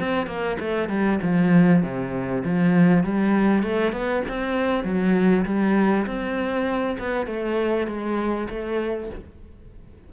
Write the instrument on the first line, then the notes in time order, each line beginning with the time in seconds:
cello
0.00 C4
0.27 A#3
0.60 A3
0.89 G3
1.23 F3
1.83 C3
2.45 F3
3.04 G3
3.63 A3
3.93 B3
4.29 C4
4.84 F#3
5.46 G3
6.07 C4
6.99 B3
7.27 A3
7.88 G#3
8.50 A3